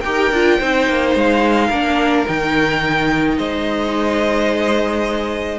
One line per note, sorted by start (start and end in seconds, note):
0.00 0.31 D#4
0.00 0.33 G4
0.00 0.59 A#4
0.00 1.11 G5
0.31 0.59 D4
0.31 0.61 F4
0.59 0.89 C4
0.59 1.72 D#4
0.59 1.66 C5
0.89 1.15 A#3
1.15 1.69 G#3
1.15 2.28 F5
1.66 2.25 A#3
1.66 2.27 D4
1.66 3.33 A#4
2.27 3.38 D#3
2.27 5.59 D#4
2.27 3.38 G5
3.37 5.59 G#3
3.37 5.59 C5
3.37 5.59 D#5